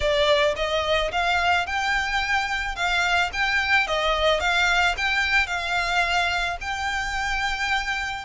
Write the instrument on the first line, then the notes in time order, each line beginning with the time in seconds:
violin
0.00 D5
0.56 D#5
1.11 F5
1.66 G5
2.75 F5
3.32 G5
3.87 D#5
4.40 F5
4.97 G5
5.46 F5
6.61 G5